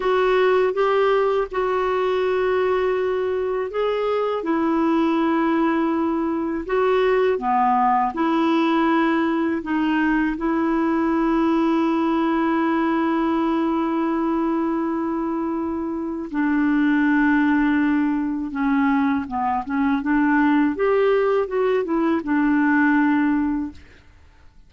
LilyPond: \new Staff \with { instrumentName = "clarinet" } { \time 4/4 \tempo 4 = 81 fis'4 g'4 fis'2~ | fis'4 gis'4 e'2~ | e'4 fis'4 b4 e'4~ | e'4 dis'4 e'2~ |
e'1~ | e'2 d'2~ | d'4 cis'4 b8 cis'8 d'4 | g'4 fis'8 e'8 d'2 | }